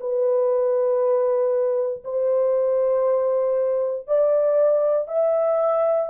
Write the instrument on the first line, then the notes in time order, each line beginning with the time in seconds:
horn
0.00 B4
2.04 C5
4.07 D5
5.08 E5